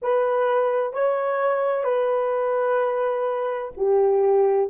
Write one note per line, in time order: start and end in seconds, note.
0.02 0.93 B4
0.93 1.84 C#5
1.84 3.71 B4
3.77 4.70 G4